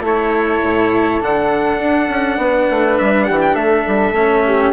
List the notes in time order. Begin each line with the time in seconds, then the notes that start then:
0.00 A3 E4 A4 C#5
0.63 A2
1.20 D3 D4 F#5
1.78 D4
2.09 C#4
2.37 B3 B4
2.70 A3
2.98 G3 E5
3.23 G4 F#5
3.30 E3
3.41 G5
3.55 A3 A4 E5
3.87 G3
4.12 A3 C#4
4.46 G4